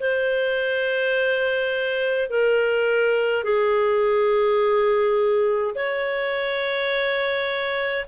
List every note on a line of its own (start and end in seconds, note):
0.00 2.30 C5
2.30 3.44 A#4
3.44 5.74 G#4
5.75 8.06 C#5